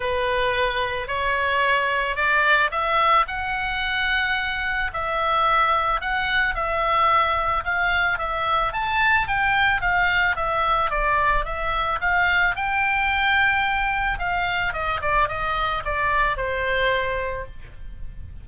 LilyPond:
\new Staff \with { instrumentName = "oboe" } { \time 4/4 \tempo 4 = 110 b'2 cis''2 | d''4 e''4 fis''2~ | fis''4 e''2 fis''4 | e''2 f''4 e''4 |
a''4 g''4 f''4 e''4 | d''4 e''4 f''4 g''4~ | g''2 f''4 dis''8 d''8 | dis''4 d''4 c''2 | }